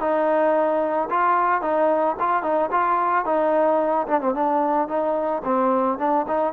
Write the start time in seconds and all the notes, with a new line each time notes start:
0.00 D#4
1.10 F4
1.62 D#4
2.20 F4
2.43 D#4
2.71 F4
3.25 D#4
4.08 D4
4.21 C4
4.34 D4
4.88 D#4
5.44 C4
5.99 D4
6.28 D#4